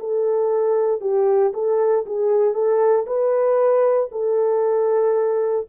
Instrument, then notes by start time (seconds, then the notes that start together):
horn
0.00 A4
1.01 G4
1.54 A4
2.06 G#4
2.54 A4
3.07 B4
4.12 A4